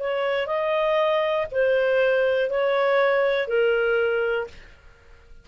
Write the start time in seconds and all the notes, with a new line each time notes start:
0.00 C#5
0.47 D#5
1.52 C5
2.50 C#5
3.48 A#4